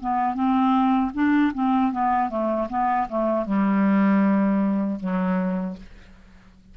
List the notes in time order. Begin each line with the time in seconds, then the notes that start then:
0.00 B3
0.34 C4
1.14 D4
1.54 C4
1.92 B3
2.29 A3
2.69 B3
3.08 A3
3.45 G3
4.99 F#3